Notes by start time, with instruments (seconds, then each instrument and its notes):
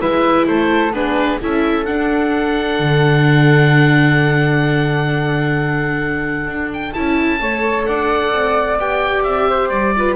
0.00 double bass G#3, viola E4, flute B4, oboe E5
0.47 double bass A3, flute A4, oboe C5
0.91 double bass B3, viola D4, flute G#4, oboe B4
1.39 double bass C#4, viola E4, flute A4, oboe E5
1.85 viola D4, double bass D4, oboe F#5
2.79 double bass D3
6.46 double bass D4
6.73 oboe G5
6.93 double bass C#4, viola E4, oboe A5
7.40 double bass A3, viola A4, flute C#5
7.86 double bass D4, flute D5, oboe F#5
8.32 double bass C4
8.78 double bass B3, viola G4, oboe G5
9.23 double bass C4, oboe E5
9.49 flute C5
9.69 double bass G3, oboe D5
9.97 viola F4, flute B4